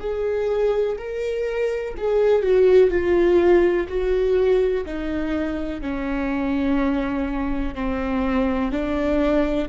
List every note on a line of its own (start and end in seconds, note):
0.00 0.97 G#4
0.98 1.95 A#4
1.98 2.43 G#4
2.43 2.90 F#4
2.90 3.87 F4
3.88 4.85 F#4
4.86 5.82 D#4
5.82 7.75 C#4
7.75 8.72 C4
8.72 9.69 D4